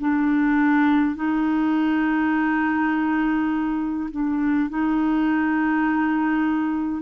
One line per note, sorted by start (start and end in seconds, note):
0.00 1.16 D4
1.16 4.10 D#4
4.12 4.70 D4
4.70 7.03 D#4